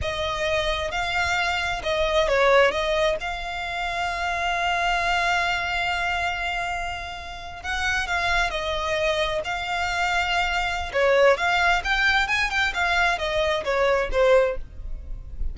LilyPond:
\new Staff \with { instrumentName = "violin" } { \time 4/4 \tempo 4 = 132 dis''2 f''2 | dis''4 cis''4 dis''4 f''4~ | f''1~ | f''1~ |
f''8. fis''4 f''4 dis''4~ dis''16~ | dis''8. f''2.~ f''16 | cis''4 f''4 g''4 gis''8 g''8 | f''4 dis''4 cis''4 c''4 | }